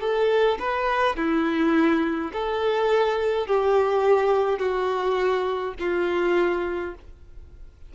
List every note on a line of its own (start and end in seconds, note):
0.00 0.58 A4
0.59 1.16 B4
1.16 2.31 E4
2.32 3.46 A4
3.46 4.58 G4
4.58 5.74 F#4
5.78 6.94 F4